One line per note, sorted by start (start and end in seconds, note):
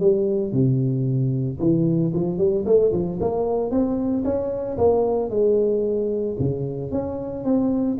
0.00 0.52 G3
0.52 1.59 C3
1.60 2.13 E3
2.14 2.38 F3
2.38 2.65 G3
2.65 2.92 A3
2.92 3.19 F3
3.20 3.70 A#3
3.70 4.24 C4
4.24 4.77 C#4
4.78 5.30 A#3
5.30 6.36 G#3
6.39 6.91 C#3
6.91 7.44 C#4
7.44 7.97 C4